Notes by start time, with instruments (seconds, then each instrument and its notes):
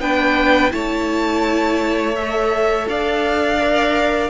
0.00 cello B3, viola D4, violin B4 G5
0.70 cello A3, viola E4, violin C#5 A5
2.15 viola A4, violin E5
2.88 cello D4, violin D5 F5
3.60 viola A#4